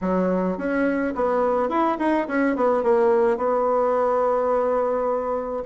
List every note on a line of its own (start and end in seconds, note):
0.01 0.57 F#3
0.57 1.14 C#4
1.15 1.69 B3
1.69 1.97 E4
1.98 2.27 D#4
2.27 2.56 C#4
2.56 2.83 B3
2.83 3.37 A#3
3.37 5.63 B3